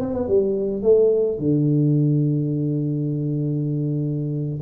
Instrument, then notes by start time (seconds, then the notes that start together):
tuba
0.00 C4
0.14 B3
0.28 G3
0.82 A3
1.38 D3